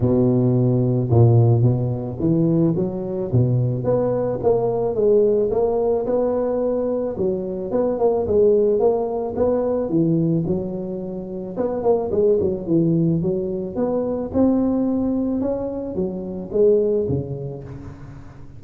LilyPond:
\new Staff \with { instrumentName = "tuba" } { \time 4/4 \tempo 4 = 109 b,2 ais,4 b,4 | e4 fis4 b,4 b4 | ais4 gis4 ais4 b4~ | b4 fis4 b8 ais8 gis4 |
ais4 b4 e4 fis4~ | fis4 b8 ais8 gis8 fis8 e4 | fis4 b4 c'2 | cis'4 fis4 gis4 cis4 | }